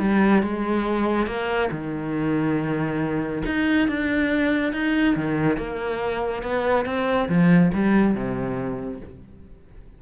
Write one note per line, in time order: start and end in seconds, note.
0.00 0.43 G3
0.43 1.27 G#3
1.27 1.70 A#3
1.71 3.43 D#3
3.46 3.88 D#4
3.88 4.73 D4
4.73 5.16 D#4
5.16 5.58 D#3
5.58 6.43 A#3
6.43 6.86 B3
6.86 7.29 C4
7.29 7.72 F3
7.74 8.15 G3
8.15 9.01 C3